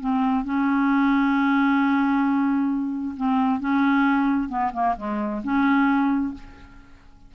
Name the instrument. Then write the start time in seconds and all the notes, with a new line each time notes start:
clarinet
0.00 C4
0.44 C#4
3.17 C4
3.60 C#4
4.49 B3
4.73 A#3
4.97 G#3
5.44 C#4